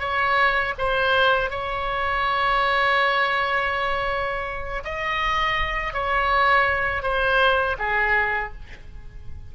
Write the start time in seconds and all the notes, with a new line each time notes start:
0.00 C#5
0.78 C5
1.51 C#5
4.85 D#5
5.93 C#5
7.03 C5
7.79 G#4